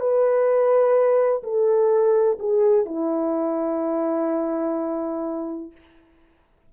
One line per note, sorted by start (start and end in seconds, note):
0.00 1.43 B4
1.43 2.39 A4
2.39 2.86 G#4
2.86 5.71 E4